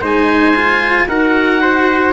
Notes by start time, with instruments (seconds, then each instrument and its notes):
0.00 tuba G#3, cello D#4, trumpet C5, oboe G#5
0.55 cello F4
1.07 tuba D#4, cello F#4, trumpet A#4, oboe F#5
1.61 trumpet C5